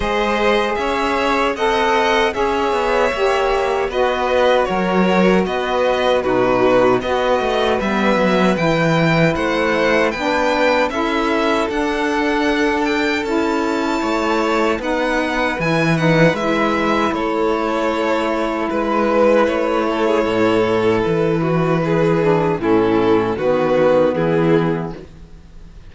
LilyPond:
<<
  \new Staff \with { instrumentName = "violin" } { \time 4/4 \tempo 4 = 77 dis''4 e''4 fis''4 e''4~ | e''4 dis''4 cis''4 dis''4 | b'4 dis''4 e''4 g''4 | fis''4 g''4 e''4 fis''4~ |
fis''8 g''8 a''2 fis''4 | gis''8 fis''8 e''4 cis''2 | b'4 cis''2 b'4~ | b'4 a'4 b'4 gis'4 | }
  \new Staff \with { instrumentName = "violin" } { \time 4/4 c''4 cis''4 dis''4 cis''4~ | cis''4 b'4 ais'4 b'4 | fis'4 b'2. | c''4 b'4 a'2~ |
a'2 cis''4 b'4~ | b'2 a'2 | b'4. a'16 gis'16 a'4. fis'8 | gis'4 e'4 fis'4 e'4 | }
  \new Staff \with { instrumentName = "saxophone" } { \time 4/4 gis'2 a'4 gis'4 | g'4 fis'2. | dis'4 fis'4 b4 e'4~ | e'4 d'4 e'4 d'4~ |
d'4 e'2 dis'4 | e'8 dis'8 e'2.~ | e'1~ | e'8 d'8 cis'4 b2 | }
  \new Staff \with { instrumentName = "cello" } { \time 4/4 gis4 cis'4 c'4 cis'8 b8 | ais4 b4 fis4 b4 | b,4 b8 a8 g8 fis8 e4 | a4 b4 cis'4 d'4~ |
d'4 cis'4 a4 b4 | e4 gis4 a2 | gis4 a4 a,4 e4~ | e4 a,4 dis4 e4 | }
>>